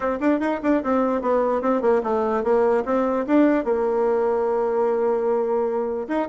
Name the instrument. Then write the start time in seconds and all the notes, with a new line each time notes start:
bassoon
0.00 C4
0.20 D4
0.39 D#4
0.62 D4
0.83 C4
1.21 B3
1.61 C4
1.81 A#3
2.03 A3
2.43 A#3
2.85 C4
3.27 D4
3.64 A#3
6.08 D#4